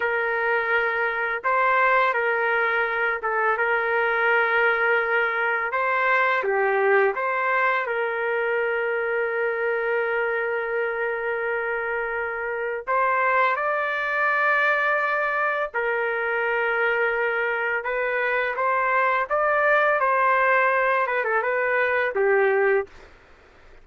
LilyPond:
\new Staff \with { instrumentName = "trumpet" } { \time 4/4 \tempo 4 = 84 ais'2 c''4 ais'4~ | ais'8 a'8 ais'2. | c''4 g'4 c''4 ais'4~ | ais'1~ |
ais'2 c''4 d''4~ | d''2 ais'2~ | ais'4 b'4 c''4 d''4 | c''4. b'16 a'16 b'4 g'4 | }